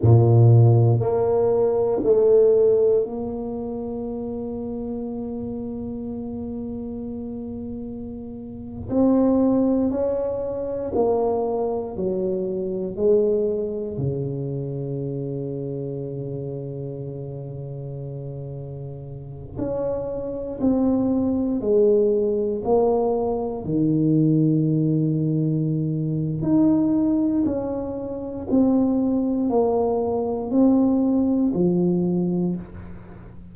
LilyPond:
\new Staff \with { instrumentName = "tuba" } { \time 4/4 \tempo 4 = 59 ais,4 ais4 a4 ais4~ | ais1~ | ais8. c'4 cis'4 ais4 fis16~ | fis8. gis4 cis2~ cis16~ |
cis2.~ cis16 cis'8.~ | cis'16 c'4 gis4 ais4 dis8.~ | dis2 dis'4 cis'4 | c'4 ais4 c'4 f4 | }